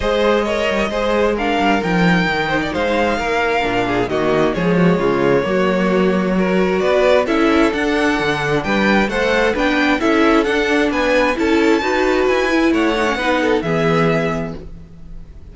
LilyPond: <<
  \new Staff \with { instrumentName = "violin" } { \time 4/4 \tempo 4 = 132 dis''2. f''4 | g''2 f''2~ | f''4 dis''4 cis''2~ | cis''2. d''4 |
e''4 fis''2 g''4 | fis''4 g''4 e''4 fis''4 | gis''4 a''2 gis''4 | fis''2 e''2 | }
  \new Staff \with { instrumentName = "violin" } { \time 4/4 c''4 cis''4 c''4 ais'4~ | ais'4. c''16 d''16 c''4 ais'4~ | ais'8 gis'8 fis'4 gis'8 fis'8 f'4 | fis'2 ais'4 b'4 |
a'2. b'4 | c''4 b'4 a'2 | b'4 a'4 b'2 | cis''4 b'8 a'8 gis'2 | }
  \new Staff \with { instrumentName = "viola" } { \time 4/4 gis'4 ais'4 gis'4 d'4 | dis'1 | d'4 ais4 gis2 | ais2 fis'2 |
e'4 d'2. | a'4 d'4 e'4 d'4~ | d'4 e'4 fis'4. e'8~ | e'8 dis'16 cis'16 dis'4 b2 | }
  \new Staff \with { instrumentName = "cello" } { \time 4/4 gis4. g8 gis4. g8 | f4 dis4 gis4 ais4 | ais,4 dis4 f4 cis4 | fis2. b4 |
cis'4 d'4 d4 g4 | a4 b4 cis'4 d'4 | b4 cis'4 dis'4 e'4 | a4 b4 e2 | }
>>